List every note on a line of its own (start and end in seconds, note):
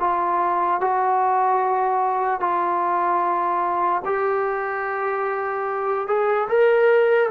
0.00 0.81 F4
0.81 2.40 F#4
2.40 4.02 F4
4.05 6.07 G4
6.07 6.48 G#4
6.49 7.30 A#4